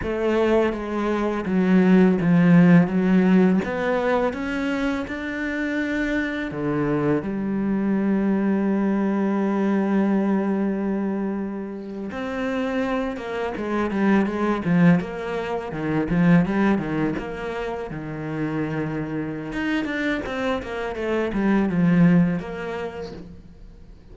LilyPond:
\new Staff \with { instrumentName = "cello" } { \time 4/4 \tempo 4 = 83 a4 gis4 fis4 f4 | fis4 b4 cis'4 d'4~ | d'4 d4 g2~ | g1~ |
g8. c'4. ais8 gis8 g8 gis16~ | gis16 f8 ais4 dis8 f8 g8 dis8 ais16~ | ais8. dis2~ dis16 dis'8 d'8 | c'8 ais8 a8 g8 f4 ais4 | }